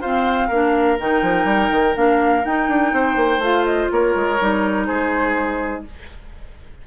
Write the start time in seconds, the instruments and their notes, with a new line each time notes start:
0.00 clarinet C4, bassoon F4, oboe C5, flute F5
0.48 bassoon A#3, clarinet D4, oboe A#4
0.98 bassoon D#3, clarinet D#4, flute G5
1.22 bassoon F3
1.44 bassoon G3
1.70 bassoon D#3
1.94 bassoon A#3, clarinet D4, flute F5
2.44 bassoon D#4, clarinet D#4, flute G5
2.68 bassoon D4
2.92 bassoon C4, oboe C5
3.15 bassoon A#3
3.38 bassoon A3, clarinet F4, flute F5
3.65 flute D#5
3.91 bassoon A#3, oboe A#4, flute C#5
4.14 bassoon G#3
4.39 bassoon G3, clarinet D#4
4.85 bassoon G#3, oboe G#4, flute C5